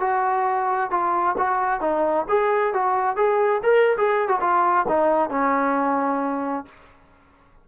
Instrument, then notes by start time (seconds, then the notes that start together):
trombone
0.00 F#4
0.90 F4
1.38 F#4
1.80 D#4
2.28 G#4
2.73 F#4
3.16 G#4
3.63 A#4
3.97 G#4
4.28 F#4
4.40 F4
4.88 D#4
5.29 C#4